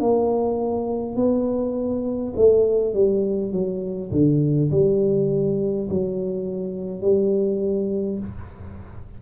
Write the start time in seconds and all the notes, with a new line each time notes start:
0.00 A#3
1.16 B3
2.36 A3
2.94 G3
3.52 F#3
4.11 D3
4.71 G3
5.89 F#3
7.01 G3